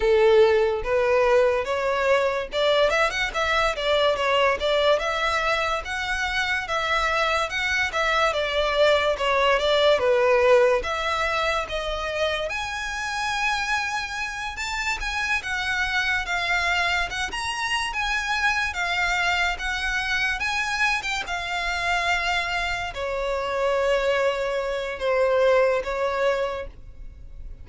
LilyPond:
\new Staff \with { instrumentName = "violin" } { \time 4/4 \tempo 4 = 72 a'4 b'4 cis''4 d''8 e''16 fis''16 | e''8 d''8 cis''8 d''8 e''4 fis''4 | e''4 fis''8 e''8 d''4 cis''8 d''8 | b'4 e''4 dis''4 gis''4~ |
gis''4. a''8 gis''8 fis''4 f''8~ | f''8 fis''16 ais''8. gis''4 f''4 fis''8~ | fis''8 gis''8. g''16 f''2 cis''8~ | cis''2 c''4 cis''4 | }